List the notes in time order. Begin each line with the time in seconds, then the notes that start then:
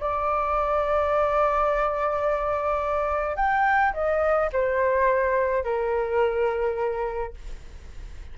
0.00 D5
3.36 G5
3.93 D#5
4.52 C5
5.63 A#4